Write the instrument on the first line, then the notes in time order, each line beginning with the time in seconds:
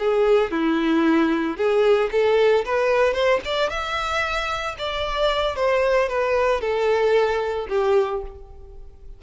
violin
0.00 G#4
0.52 E4
1.57 G#4
2.12 A4
2.66 B4
3.14 C5
3.45 D5
3.70 E5
4.79 D5
5.56 C5
6.09 B4
6.61 A4
7.69 G4